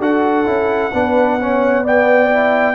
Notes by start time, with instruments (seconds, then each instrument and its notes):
0.00 tuba D4, trombone F#4, horn A4, trumpet F#5
0.45 tuba C#4, trombone E4
0.94 tuba B3, trombone D4, horn B4
1.40 trombone C#4, horn C#5
1.84 trombone B3, horn D5, trumpet G5
2.31 trombone E4